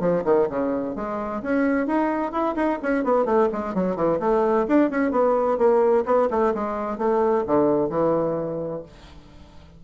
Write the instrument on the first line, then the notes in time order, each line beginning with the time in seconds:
bassoon
0.00 F3
0.25 D#3
0.49 C#3
0.96 G#3
1.42 C#4
1.87 D#4
2.32 E4
2.55 D#4
2.82 C#4
3.04 B3
3.25 A3
3.52 G#3
3.74 F#3
3.96 E3
4.20 A3
4.68 D4
4.90 C#4
5.11 B3
5.58 A#3
6.06 B3
6.30 A3
6.54 G#3
6.98 A3
7.47 D3
7.90 E3